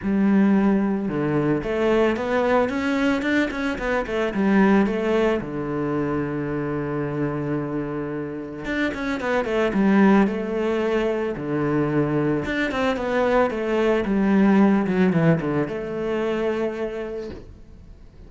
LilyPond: \new Staff \with { instrumentName = "cello" } { \time 4/4 \tempo 4 = 111 g2 d4 a4 | b4 cis'4 d'8 cis'8 b8 a8 | g4 a4 d2~ | d1 |
d'8 cis'8 b8 a8 g4 a4~ | a4 d2 d'8 c'8 | b4 a4 g4. fis8 | e8 d8 a2. | }